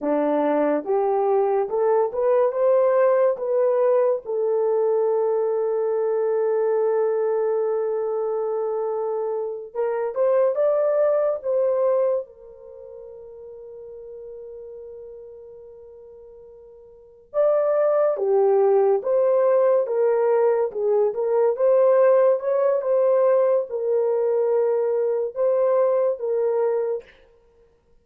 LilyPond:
\new Staff \with { instrumentName = "horn" } { \time 4/4 \tempo 4 = 71 d'4 g'4 a'8 b'8 c''4 | b'4 a'2.~ | a'2.~ a'8 ais'8 | c''8 d''4 c''4 ais'4.~ |
ais'1~ | ais'8 d''4 g'4 c''4 ais'8~ | ais'8 gis'8 ais'8 c''4 cis''8 c''4 | ais'2 c''4 ais'4 | }